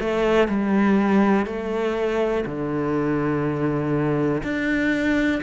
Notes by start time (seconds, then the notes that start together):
0.00 A3
0.48 G3
1.46 A3
2.46 D3
4.43 D4